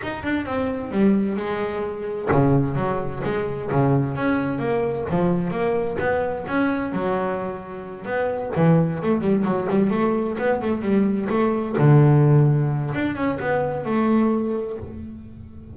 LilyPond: \new Staff \with { instrumentName = "double bass" } { \time 4/4 \tempo 4 = 130 dis'8 d'8 c'4 g4 gis4~ | gis4 cis4 fis4 gis4 | cis4 cis'4 ais4 f4 | ais4 b4 cis'4 fis4~ |
fis4. b4 e4 a8 | g8 fis8 g8 a4 b8 a8 g8~ | g8 a4 d2~ d8 | d'8 cis'8 b4 a2 | }